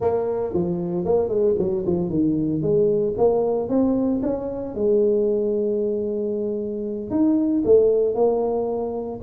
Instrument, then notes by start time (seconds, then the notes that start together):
tuba
0.00 A#3
0.53 F3
1.04 A#3
1.28 G#3
1.58 F#3
1.86 F3
2.09 D#3
2.61 G#3
3.17 A#3
3.68 C4
4.22 C#4
4.74 G#3
7.10 D#4
7.64 A3
8.14 A#3